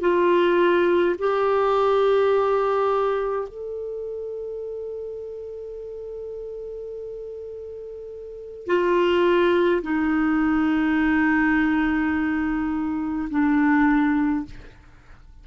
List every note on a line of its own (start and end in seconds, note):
0.00 1.15 F4
1.18 3.48 G4
3.48 8.66 A4
8.66 9.81 F4
9.82 13.28 D#4
13.30 14.45 D4